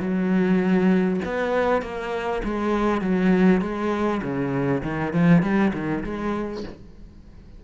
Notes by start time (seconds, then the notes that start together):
0.00 F#3
1.24 B3
1.82 A#3
2.44 G#3
3.01 F#3
3.61 G#3
4.22 C#3
4.83 D#3
5.13 F3
5.42 G3
5.73 D#3
6.03 G#3